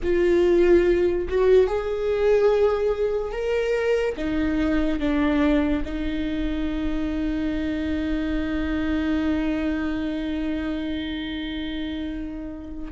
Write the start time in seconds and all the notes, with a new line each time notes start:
0.03 F4
1.28 F#4
1.67 G#4
3.32 A#4
4.16 D#4
4.99 D4
5.84 D#4